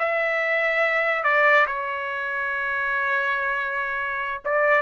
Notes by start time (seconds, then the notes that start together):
0.00 E5
1.24 D5
1.67 C#5
4.45 D5